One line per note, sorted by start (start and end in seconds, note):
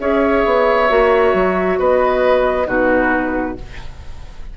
0.00 0.45 C#4
0.00 0.89 G#4
0.00 1.79 C#5
0.00 1.79 E5
0.46 0.90 B3
0.89 1.34 A#3
0.89 2.66 F#4
1.34 1.79 F#3
1.79 2.68 B3
1.79 2.68 B4
1.79 2.68 D#5
2.66 3.57 B2
2.66 3.56 D#4
2.66 3.57 F#4
2.66 3.58 B4